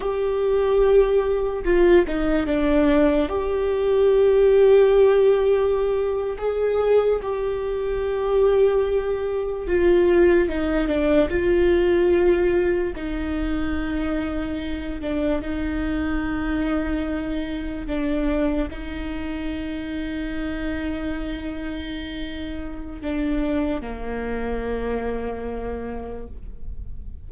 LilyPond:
\new Staff \with { instrumentName = "viola" } { \time 4/4 \tempo 4 = 73 g'2 f'8 dis'8 d'4 | g'2.~ g'8. gis'16~ | gis'8. g'2. f'16~ | f'8. dis'8 d'8 f'2 dis'16~ |
dis'2~ dis'16 d'8 dis'4~ dis'16~ | dis'4.~ dis'16 d'4 dis'4~ dis'16~ | dis'1 | d'4 ais2. | }